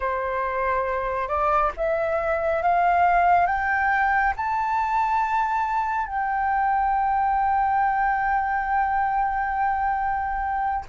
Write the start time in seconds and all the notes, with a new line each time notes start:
0.00 C5
1.28 D5
1.76 E5
2.62 F5
3.46 G5
4.36 A5
6.06 G5